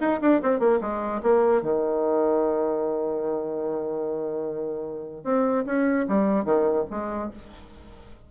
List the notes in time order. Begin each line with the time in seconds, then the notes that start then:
0.00 D#4
0.21 D4
0.42 C4
0.59 A#3
0.81 G#3
1.22 A#3
1.62 D#3
5.24 C4
5.66 C#4
6.08 G3
6.44 D#3
6.90 G#3